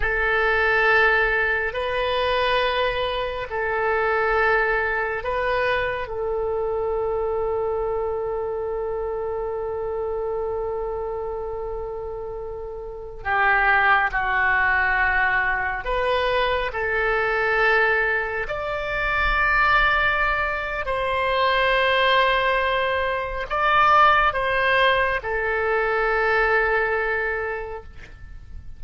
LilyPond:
\new Staff \with { instrumentName = "oboe" } { \time 4/4 \tempo 4 = 69 a'2 b'2 | a'2 b'4 a'4~ | a'1~ | a'2.~ a'16 g'8.~ |
g'16 fis'2 b'4 a'8.~ | a'4~ a'16 d''2~ d''8. | c''2. d''4 | c''4 a'2. | }